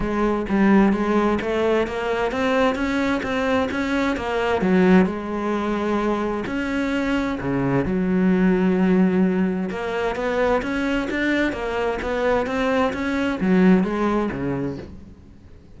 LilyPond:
\new Staff \with { instrumentName = "cello" } { \time 4/4 \tempo 4 = 130 gis4 g4 gis4 a4 | ais4 c'4 cis'4 c'4 | cis'4 ais4 fis4 gis4~ | gis2 cis'2 |
cis4 fis2.~ | fis4 ais4 b4 cis'4 | d'4 ais4 b4 c'4 | cis'4 fis4 gis4 cis4 | }